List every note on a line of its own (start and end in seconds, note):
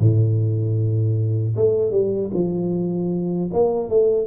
0.00 1.56 A2
1.57 1.92 A3
1.92 2.31 G3
2.34 3.51 F3
3.54 3.90 A#3
3.90 4.27 A3